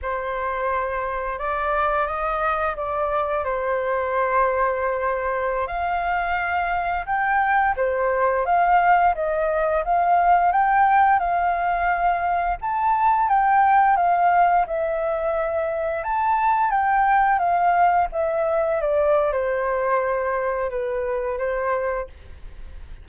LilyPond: \new Staff \with { instrumentName = "flute" } { \time 4/4 \tempo 4 = 87 c''2 d''4 dis''4 | d''4 c''2.~ | c''16 f''2 g''4 c''8.~ | c''16 f''4 dis''4 f''4 g''8.~ |
g''16 f''2 a''4 g''8.~ | g''16 f''4 e''2 a''8.~ | a''16 g''4 f''4 e''4 d''8. | c''2 b'4 c''4 | }